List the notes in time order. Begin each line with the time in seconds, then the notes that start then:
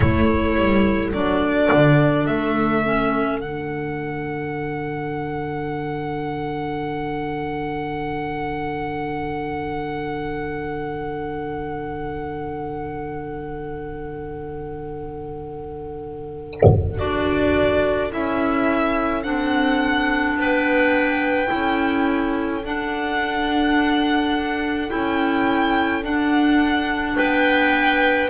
0.00 A3 E4 A4 C#5
0.55 G3
1.13 F#3 D4 D5
1.73 D3
2.26 A3 E5
2.84 C#4
3.39 D3 D4 F#5
16.97 D4 F#4 D5
18.11 C#4 E4 E5
19.23 C4 D4 F#5
20.36 B3 B4 G5
21.47 C#4 E4 A4
22.64 D4 F#5
24.89 C#4 E4 G5
26.02 D4 F#5
27.16 B3 B4 G5